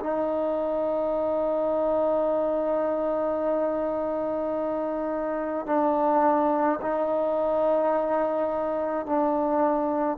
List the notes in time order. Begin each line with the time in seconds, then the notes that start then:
0.00 D#4
5.66 D4
6.82 D#4
9.06 D4